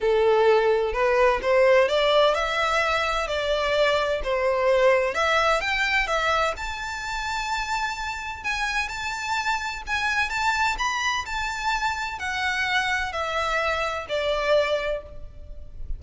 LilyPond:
\new Staff \with { instrumentName = "violin" } { \time 4/4 \tempo 4 = 128 a'2 b'4 c''4 | d''4 e''2 d''4~ | d''4 c''2 e''4 | g''4 e''4 a''2~ |
a''2 gis''4 a''4~ | a''4 gis''4 a''4 b''4 | a''2 fis''2 | e''2 d''2 | }